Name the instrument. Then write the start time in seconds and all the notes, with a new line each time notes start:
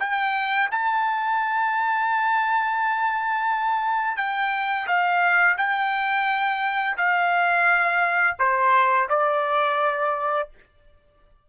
trumpet
0.00 G5
0.72 A5
4.17 G5
4.88 F5
5.58 G5
6.98 F5
8.39 C5
9.10 D5